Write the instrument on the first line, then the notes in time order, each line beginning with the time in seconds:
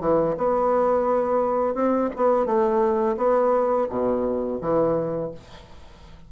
bassoon
0.00 E3
0.38 B3
1.74 C4
2.16 B3
2.45 A3
3.17 B3
3.89 B2
4.61 E3